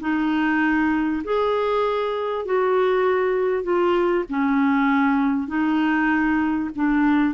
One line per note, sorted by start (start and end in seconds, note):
0.00 1.22 D#4
1.24 2.45 G#4
2.45 3.63 F#4
3.63 4.24 F4
4.29 5.47 C#4
5.47 6.70 D#4
6.75 7.34 D4